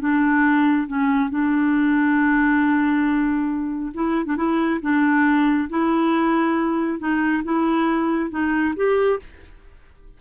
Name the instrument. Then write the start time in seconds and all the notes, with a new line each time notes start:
clarinet
0.00 D4
0.88 C#4
1.30 D4
3.95 E4
4.26 D4
4.37 E4
4.82 D4
5.70 E4
6.99 D#4
7.44 E4
8.31 D#4
8.76 G4